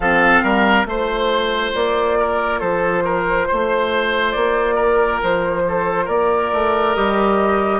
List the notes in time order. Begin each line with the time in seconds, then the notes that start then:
0.00 F3 C4 A4 F5
0.43 G3 A#4
0.85 A3 F4 C5
1.74 A#3 D5
2.19 A#4
2.59 F3 A4 C5
3.04 A#4
3.47 A3 C5
4.32 A#3 D5
4.75 A#4
5.22 F3 C5
5.68 A4
6.05 A#3 A#4 D5
6.52 A3
6.94 G3 G4 D#5